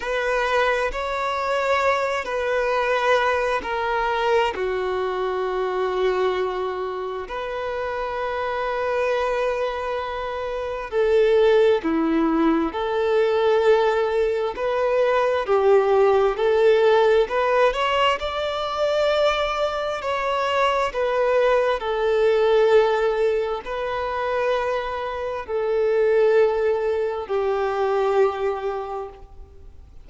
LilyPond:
\new Staff \with { instrumentName = "violin" } { \time 4/4 \tempo 4 = 66 b'4 cis''4. b'4. | ais'4 fis'2. | b'1 | a'4 e'4 a'2 |
b'4 g'4 a'4 b'8 cis''8 | d''2 cis''4 b'4 | a'2 b'2 | a'2 g'2 | }